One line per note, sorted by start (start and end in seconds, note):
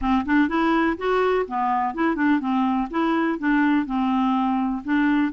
0.01 0.25 C4
0.25 0.48 D4
0.48 0.96 E4
0.97 1.46 F#4
1.47 1.94 B3
1.94 2.15 E4
2.15 2.40 D4
2.40 2.88 C4
2.90 3.38 E4
3.38 3.86 D4
3.86 4.82 C4
4.84 5.32 D4